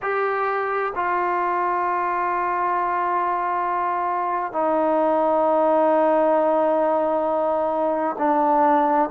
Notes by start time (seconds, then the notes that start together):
0.02 G4
0.95 F4
4.52 D#4
8.18 D4